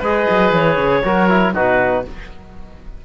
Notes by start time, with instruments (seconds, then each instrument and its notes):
0.00 cello G#3, trombone G#4, oboe B4, clarinet D#5
0.30 cello F#3
0.53 cello E3, clarinet C#5
0.78 cello C#3
1.04 cello F#3, trombone F#4, oboe A#4
1.29 trombone E4
1.54 cello B2, trombone D#4, oboe F#4, clarinet B4